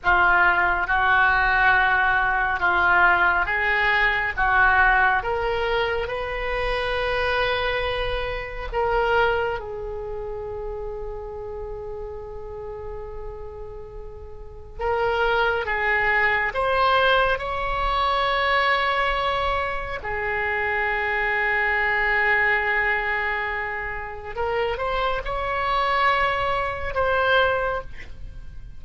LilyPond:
\new Staff \with { instrumentName = "oboe" } { \time 4/4 \tempo 4 = 69 f'4 fis'2 f'4 | gis'4 fis'4 ais'4 b'4~ | b'2 ais'4 gis'4~ | gis'1~ |
gis'4 ais'4 gis'4 c''4 | cis''2. gis'4~ | gis'1 | ais'8 c''8 cis''2 c''4 | }